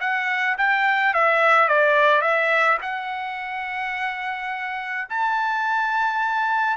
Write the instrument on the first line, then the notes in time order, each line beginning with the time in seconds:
trumpet
0.00 F#5
0.57 G5
1.13 E5
1.68 D5
2.21 E5
2.81 F#5
5.09 A5